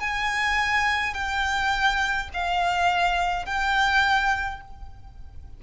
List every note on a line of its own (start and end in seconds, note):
0.00 1.14 G#5
1.14 2.29 G5
2.33 3.45 F5
3.45 4.61 G5